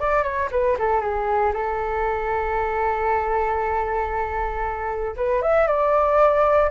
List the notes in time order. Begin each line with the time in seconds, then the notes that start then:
0.00 D5
0.24 C#5
0.52 B4
0.79 A4
1.01 G#4
1.54 A4
5.17 B4
5.42 E5
5.68 D5